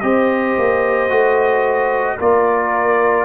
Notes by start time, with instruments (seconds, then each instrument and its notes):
0.00 tuba C4, trombone G4, horn C5, trumpet D#5
0.58 tuba A#3
1.10 tuba A3, trombone F#4
2.18 tuba A#3, trombone F4, horn A#4, trumpet D5